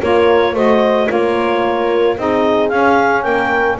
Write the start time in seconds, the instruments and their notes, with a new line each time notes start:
0.00 double bass A#3, saxophone F4, horn A#4, clarinet C#5
0.53 double bass A3, saxophone F#4, horn C5, clarinet D#5
1.07 double bass A#3, saxophone F4, horn A#4, clarinet C#5
2.16 double bass C4, saxophone D#4, horn G#4, clarinet D#5
2.68 double bass C#4, saxophone C#4, clarinet F5
3.22 double bass A#3, horn A#4, clarinet G5